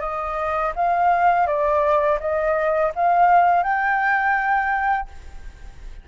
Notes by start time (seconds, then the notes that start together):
0.00 D#5
0.75 F5
1.46 D5
2.20 D#5
2.95 F5
3.63 G5